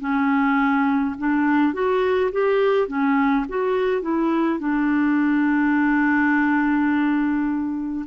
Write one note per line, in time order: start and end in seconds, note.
0.00 1.15 C#4
1.18 1.74 D4
1.74 2.31 F#4
2.32 2.87 G4
2.87 3.45 C#4
3.48 4.02 F#4
4.02 4.59 E4
4.59 8.06 D4